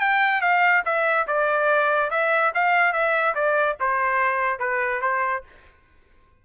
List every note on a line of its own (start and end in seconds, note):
0.00 0.41 G5
0.41 0.83 F5
0.85 1.27 E5
1.27 2.10 D5
2.10 2.52 E5
2.54 2.93 F5
2.93 3.34 E5
3.35 3.77 D5
3.80 4.59 C5
4.59 5.01 B4
5.01 5.43 C5